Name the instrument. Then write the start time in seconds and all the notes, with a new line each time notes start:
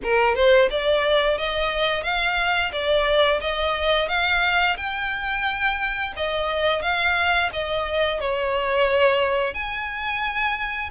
violin
0.03 A#4
0.35 C5
0.70 D5
1.38 D#5
2.03 F5
2.72 D5
3.40 D#5
4.08 F5
4.76 G5
6.16 D#5
6.82 F5
7.52 D#5
8.20 C#5
9.53 G#5